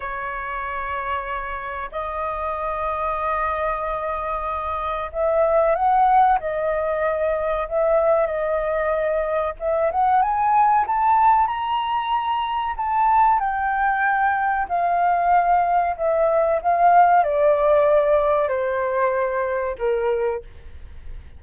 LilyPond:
\new Staff \with { instrumentName = "flute" } { \time 4/4 \tempo 4 = 94 cis''2. dis''4~ | dis''1 | e''4 fis''4 dis''2 | e''4 dis''2 e''8 fis''8 |
gis''4 a''4 ais''2 | a''4 g''2 f''4~ | f''4 e''4 f''4 d''4~ | d''4 c''2 ais'4 | }